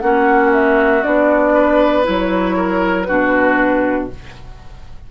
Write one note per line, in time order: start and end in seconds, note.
0.00 1.04 A#3
0.00 1.03 C#4
0.00 1.54 F#4
0.00 0.51 F#5
0.53 1.03 E5
1.03 2.08 B3
1.03 2.03 D4
1.03 2.05 D5
1.54 2.56 B4
2.03 3.10 F#3
2.03 3.05 E4
2.03 3.03 C#5
2.57 3.07 A#4
3.03 4.10 D4
3.03 4.09 F#4
3.03 4.05 B4
3.10 4.11 B2